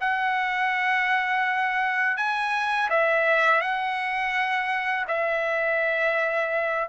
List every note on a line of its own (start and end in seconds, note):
0.00 2.17 F#5
2.17 2.89 G#5
2.89 3.60 E5
3.60 5.05 F#5
5.08 6.88 E5